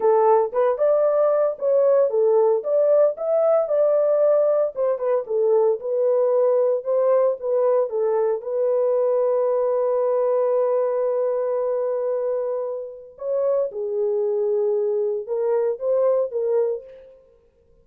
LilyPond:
\new Staff \with { instrumentName = "horn" } { \time 4/4 \tempo 4 = 114 a'4 b'8 d''4. cis''4 | a'4 d''4 e''4 d''4~ | d''4 c''8 b'8 a'4 b'4~ | b'4 c''4 b'4 a'4 |
b'1~ | b'1~ | b'4 cis''4 gis'2~ | gis'4 ais'4 c''4 ais'4 | }